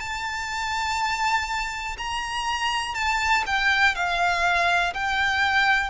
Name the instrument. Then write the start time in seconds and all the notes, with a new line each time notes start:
violin
0.00 A5
1.98 A#5
2.95 A5
3.46 G5
3.95 F5
4.94 G5